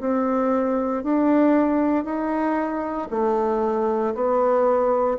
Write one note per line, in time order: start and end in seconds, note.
0.00 1.03 C4
1.03 2.05 D4
2.05 3.08 D#4
3.11 4.14 A3
4.15 5.18 B3